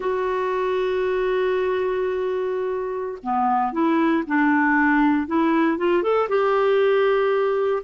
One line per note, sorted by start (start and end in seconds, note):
0.00 3.18 F#4
3.22 3.72 B3
3.72 4.23 E4
4.26 5.27 D4
5.27 5.77 E4
5.77 6.02 F4
6.02 6.28 A4
6.28 7.82 G4